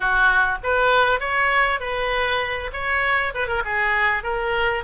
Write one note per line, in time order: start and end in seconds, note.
0.00 0.58 F#4
0.63 1.20 B4
1.20 1.80 C#5
1.80 2.71 B4
2.72 3.33 C#5
3.34 3.47 B4
3.47 3.62 A#4
3.64 4.23 G#4
4.23 4.83 A#4